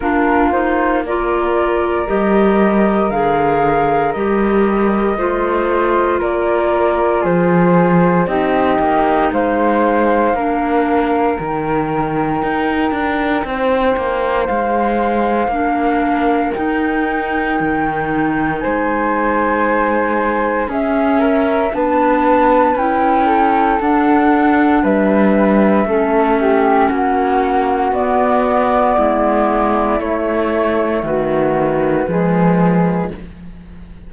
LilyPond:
<<
  \new Staff \with { instrumentName = "flute" } { \time 4/4 \tempo 4 = 58 ais'8 c''8 d''4 dis''4 f''4 | dis''2 d''4 c''4 | dis''4 f''2 g''4~ | g''2 f''2 |
g''2 gis''2 | e''4 a''4 g''4 fis''4 | e''2 fis''4 d''4~ | d''4 cis''4 b'2 | }
  \new Staff \with { instrumentName = "flute" } { \time 4/4 f'4 ais'2.~ | ais'4 c''4 ais'4 gis'4 | g'4 c''4 ais'2~ | ais'4 c''2 ais'4~ |
ais'2 c''2 | gis'8 ais'8 b'4. a'4. | b'4 a'8 g'8 fis'2 | e'2 fis'4 gis'4 | }
  \new Staff \with { instrumentName = "clarinet" } { \time 4/4 d'8 dis'8 f'4 g'4 gis'4 | g'4 f'2. | dis'2 d'4 dis'4~ | dis'2. d'4 |
dis'1 | cis'4 d'4 e'4 d'4~ | d'4 cis'2 b4~ | b4 a2 gis4 | }
  \new Staff \with { instrumentName = "cello" } { \time 4/4 ais2 g4 d4 | g4 a4 ais4 f4 | c'8 ais8 gis4 ais4 dis4 | dis'8 d'8 c'8 ais8 gis4 ais4 |
dis'4 dis4 gis2 | cis'4 b4 cis'4 d'4 | g4 a4 ais4 b4 | gis4 a4 dis4 f4 | }
>>